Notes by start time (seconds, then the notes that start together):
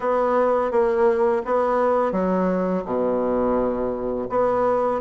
0.00 B3
0.71 A#3
1.45 B3
2.12 F#3
2.85 B2
4.29 B3